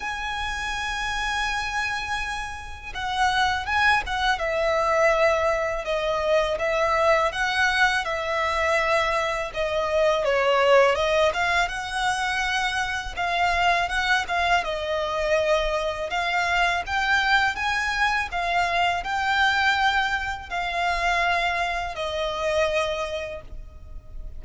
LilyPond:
\new Staff \with { instrumentName = "violin" } { \time 4/4 \tempo 4 = 82 gis''1 | fis''4 gis''8 fis''8 e''2 | dis''4 e''4 fis''4 e''4~ | e''4 dis''4 cis''4 dis''8 f''8 |
fis''2 f''4 fis''8 f''8 | dis''2 f''4 g''4 | gis''4 f''4 g''2 | f''2 dis''2 | }